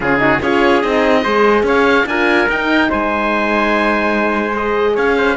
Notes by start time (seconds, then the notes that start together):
0.00 C#3 C#4 F4 G#4
0.17 D#4 F#4
0.41 C#4 F4 G#4 C#5
0.81 C4 D#4 D#5
1.22 G#3 G#4 C5
1.62 C#4 C#5 F5
2.06 D4 F4 A#4 G#5
2.48 D#4 G5
2.89 G#3 C5 G#5
4.53 G#4 D#5
4.94 C#4 C#5 F5
5.17 C5